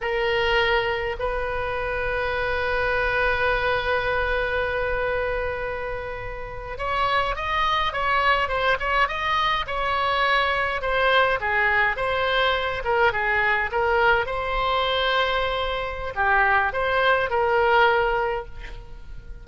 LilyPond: \new Staff \with { instrumentName = "oboe" } { \time 4/4 \tempo 4 = 104 ais'2 b'2~ | b'1~ | b'2.~ b'8. cis''16~ | cis''8. dis''4 cis''4 c''8 cis''8 dis''16~ |
dis''8. cis''2 c''4 gis'16~ | gis'8. c''4. ais'8 gis'4 ais'16~ | ais'8. c''2.~ c''16 | g'4 c''4 ais'2 | }